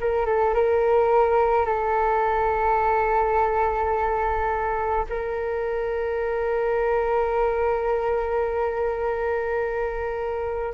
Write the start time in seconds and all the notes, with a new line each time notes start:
0.00 A#4
0.26 A4
0.54 A#4
1.66 A4
5.09 A#4